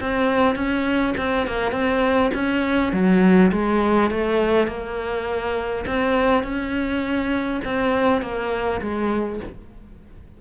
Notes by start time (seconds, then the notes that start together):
0.00 C4
0.55 C#4
1.17 C4
1.47 A#3
1.72 C4
2.34 C#4
2.92 F#3
3.52 G#3
4.10 A3
4.67 A#3
5.86 C4
6.43 C#4
7.64 C4
8.22 A#3
8.81 G#3